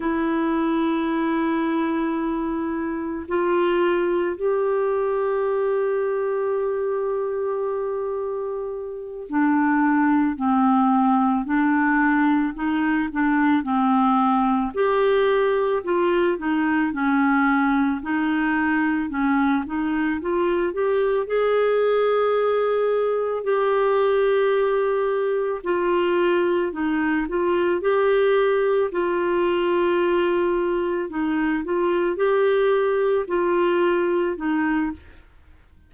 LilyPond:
\new Staff \with { instrumentName = "clarinet" } { \time 4/4 \tempo 4 = 55 e'2. f'4 | g'1~ | g'8 d'4 c'4 d'4 dis'8 | d'8 c'4 g'4 f'8 dis'8 cis'8~ |
cis'8 dis'4 cis'8 dis'8 f'8 g'8 gis'8~ | gis'4. g'2 f'8~ | f'8 dis'8 f'8 g'4 f'4.~ | f'8 dis'8 f'8 g'4 f'4 dis'8 | }